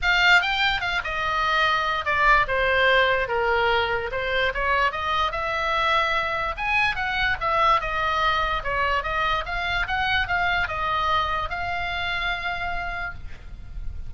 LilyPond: \new Staff \with { instrumentName = "oboe" } { \time 4/4 \tempo 4 = 146 f''4 g''4 f''8 dis''4.~ | dis''4 d''4 c''2 | ais'2 c''4 cis''4 | dis''4 e''2. |
gis''4 fis''4 e''4 dis''4~ | dis''4 cis''4 dis''4 f''4 | fis''4 f''4 dis''2 | f''1 | }